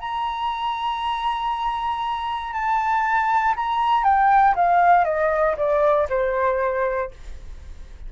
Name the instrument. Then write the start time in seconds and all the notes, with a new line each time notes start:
flute
0.00 A#5
2.53 A5
3.57 A#5
4.04 G5
4.56 F5
5.05 D#5
5.57 D5
6.10 C5